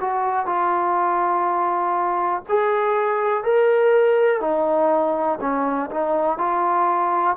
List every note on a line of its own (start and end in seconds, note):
0.00 0.46 F#4
0.46 2.42 F4
2.48 3.43 G#4
3.43 4.40 A#4
4.40 5.38 D#4
5.40 5.89 C#4
5.91 6.38 D#4
6.38 7.36 F4